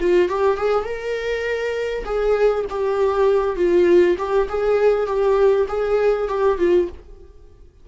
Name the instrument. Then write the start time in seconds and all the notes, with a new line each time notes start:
viola
0.00 F4
0.29 G4
0.57 G#4
0.84 A#4
2.05 G#4
2.69 G4
3.56 F4
4.18 G4
4.49 G#4
5.06 G4
5.68 G#4
6.28 G4
6.58 F4